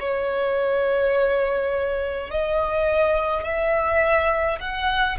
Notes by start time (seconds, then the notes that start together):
0.00 C#5
2.30 D#5
3.44 E5
4.59 F#5